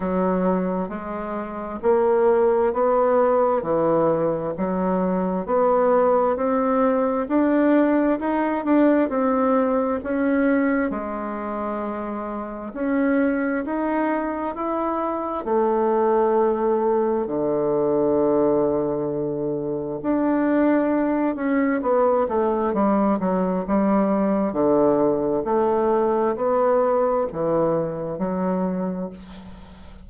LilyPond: \new Staff \with { instrumentName = "bassoon" } { \time 4/4 \tempo 4 = 66 fis4 gis4 ais4 b4 | e4 fis4 b4 c'4 | d'4 dis'8 d'8 c'4 cis'4 | gis2 cis'4 dis'4 |
e'4 a2 d4~ | d2 d'4. cis'8 | b8 a8 g8 fis8 g4 d4 | a4 b4 e4 fis4 | }